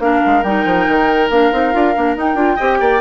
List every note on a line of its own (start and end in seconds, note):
0.00 0.22 A#3
0.00 0.43 D4
0.00 2.56 A#4
0.00 0.43 F5
0.26 0.44 G#3
0.43 0.65 G3
0.43 1.30 D#4
0.43 1.29 G5
0.65 0.87 F3
0.88 1.30 D#3
1.30 1.51 A#3
1.30 1.52 D4
1.30 2.16 F5
1.52 1.74 C4
1.52 1.72 D#4
1.72 1.96 D4
1.72 1.94 F4
1.95 2.16 A#3
1.95 2.16 D4
2.16 2.36 D#4
2.16 2.35 D#4
2.16 3.01 G5
2.35 2.56 D4
2.35 2.57 F4
2.56 2.80 C4
2.56 3.01 G4
2.56 2.78 D#5
2.80 3.01 A#3
2.80 3.01 D5